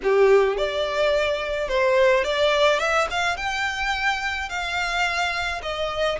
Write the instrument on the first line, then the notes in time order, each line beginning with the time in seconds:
violin
0.03 G4
0.57 D5
1.68 C5
2.24 D5
2.79 E5
3.10 F5
3.36 G5
4.49 F5
5.62 D#5